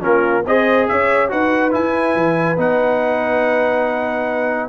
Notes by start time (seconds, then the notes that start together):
0.00 A#3 C#4 F4 A#4
0.46 C4 G#4 C5 D#5
0.88 C#4 C#5 E5
1.28 D#4 F#4 B4 F#5
1.71 E4 G#5
2.15 E3
2.57 B3 D#4 F#5